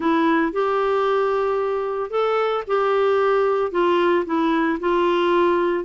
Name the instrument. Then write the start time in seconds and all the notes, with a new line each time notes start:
clarinet
0.00 E4
0.52 G4
2.10 A4
2.67 G4
3.71 F4
4.25 E4
4.80 F4